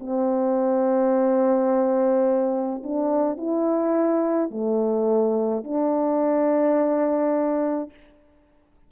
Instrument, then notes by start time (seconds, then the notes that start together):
horn
0.00 C4
2.84 D4
3.38 E4
4.51 A3
5.64 D4